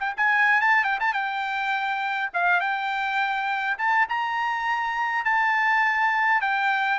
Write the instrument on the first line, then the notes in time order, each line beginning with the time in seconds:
trumpet
0.00 G5
0.17 G#5
0.61 A5
0.84 G5
1.00 A5
1.14 G5
2.34 F5
2.61 G5
3.78 A5
4.09 A#5
5.25 A5
6.42 G5